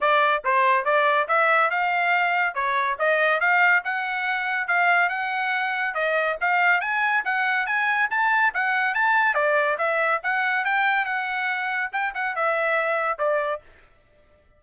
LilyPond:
\new Staff \with { instrumentName = "trumpet" } { \time 4/4 \tempo 4 = 141 d''4 c''4 d''4 e''4 | f''2 cis''4 dis''4 | f''4 fis''2 f''4 | fis''2 dis''4 f''4 |
gis''4 fis''4 gis''4 a''4 | fis''4 a''4 d''4 e''4 | fis''4 g''4 fis''2 | g''8 fis''8 e''2 d''4 | }